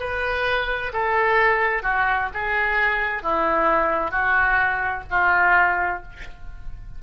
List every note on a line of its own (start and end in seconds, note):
0.00 0.92 B4
0.94 1.83 A4
1.83 2.29 F#4
2.34 3.23 G#4
3.23 4.11 E4
4.11 5.03 F#4
5.11 6.03 F4